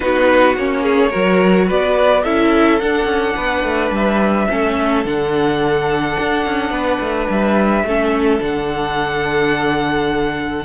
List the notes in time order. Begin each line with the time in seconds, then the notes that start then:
0.00 B3 D#4 F#4 B4
0.56 A#3 C#4 C#5
0.82 G#4
1.10 F#3 F#4 A#4
1.66 B3 B4 D5
2.23 C#4 E4 A4 E5
2.79 D4 F#5
3.04 C#4
3.35 B3 B4
3.63 A3
3.90 G3 E5
4.48 A3 C#4 A4
5.04 D3 D4 F#5
6.19 D4
6.45 C#4
6.70 B3 B4
7.00 A3
7.29 G3 E5
7.83 A3 C#4 A4
8.39 D3 D4 F#5